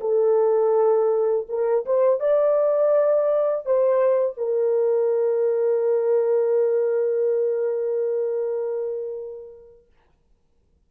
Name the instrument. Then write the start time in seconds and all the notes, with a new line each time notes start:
horn
0.00 A4
1.48 A#4
1.85 C5
2.20 D5
3.65 C5
4.37 A#4